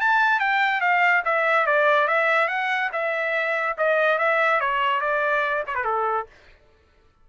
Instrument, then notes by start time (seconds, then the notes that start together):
trumpet
0.00 A5
0.39 G5
0.80 F5
1.24 E5
1.66 D5
2.07 E5
2.48 F#5
2.92 E5
3.77 D#5
4.18 E5
4.60 C#5
5.00 D5
5.66 C#5
5.74 B4
5.84 A4